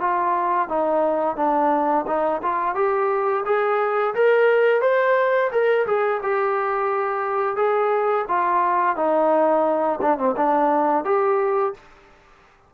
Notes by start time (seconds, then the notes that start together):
0.00 F4
0.68 D#4
1.36 D4
2.07 D#4
2.42 F4
2.75 G4
3.45 G#4
4.14 A#4
4.81 C5
5.51 A#4
5.86 G#4
6.22 G4
7.56 G#4
8.28 F4
8.96 D#4
10.01 D4
10.18 C4
10.36 D4
11.05 G4